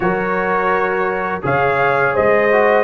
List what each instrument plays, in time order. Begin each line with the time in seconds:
0.00 tuba F#3, trombone F#4, horn A#4, trumpet C#5
1.42 tuba C#3, trombone G#4, horn C#5, trumpet F5
2.14 tuba G#3, horn C5, trumpet D#5
2.52 trombone F#4